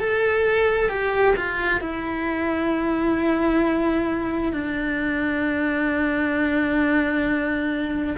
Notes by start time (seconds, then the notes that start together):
0.00 A4
0.89 G4
1.36 F4
1.81 E4
4.53 D4